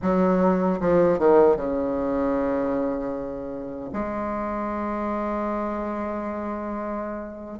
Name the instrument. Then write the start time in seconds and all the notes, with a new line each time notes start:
bassoon
0.02 F#3
0.80 F3
1.19 D#3
1.56 C#3
3.92 G#3